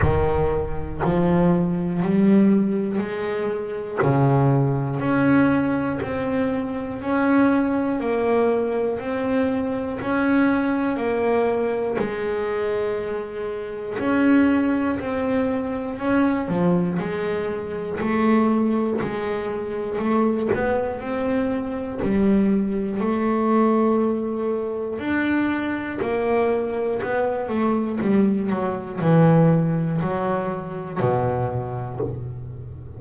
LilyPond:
\new Staff \with { instrumentName = "double bass" } { \time 4/4 \tempo 4 = 60 dis4 f4 g4 gis4 | cis4 cis'4 c'4 cis'4 | ais4 c'4 cis'4 ais4 | gis2 cis'4 c'4 |
cis'8 f8 gis4 a4 gis4 | a8 b8 c'4 g4 a4~ | a4 d'4 ais4 b8 a8 | g8 fis8 e4 fis4 b,4 | }